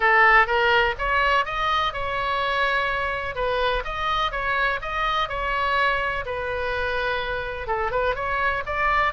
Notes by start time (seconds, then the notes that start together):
0.00 A4
0.46 A#4
0.98 C#5
1.45 D#5
1.93 C#5
3.35 B4
3.84 D#5
4.31 C#5
4.81 D#5
5.28 C#5
6.25 B4
7.67 A4
7.91 B4
8.15 C#5
8.66 D5